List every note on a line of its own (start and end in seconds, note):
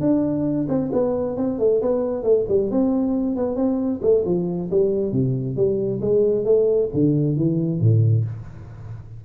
0.00 0.67 D4
0.68 0.91 C4
0.92 1.36 B3
1.36 1.59 C4
1.59 1.81 A3
1.81 2.23 B3
2.23 2.45 A3
2.48 2.70 G3
2.70 3.36 C4
3.36 3.55 B3
3.55 4.00 C4
4.02 4.24 A3
4.25 4.69 F3
4.70 5.12 G3
5.12 5.56 C3
5.56 6.00 G3
6.01 6.45 G#3
6.45 6.89 A3
6.93 7.36 D3
7.36 7.80 E3
7.80 8.24 A2